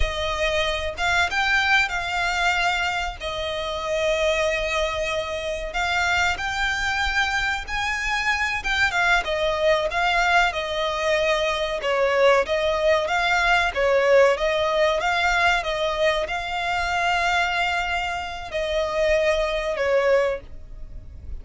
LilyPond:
\new Staff \with { instrumentName = "violin" } { \time 4/4 \tempo 4 = 94 dis''4. f''8 g''4 f''4~ | f''4 dis''2.~ | dis''4 f''4 g''2 | gis''4. g''8 f''8 dis''4 f''8~ |
f''8 dis''2 cis''4 dis''8~ | dis''8 f''4 cis''4 dis''4 f''8~ | f''8 dis''4 f''2~ f''8~ | f''4 dis''2 cis''4 | }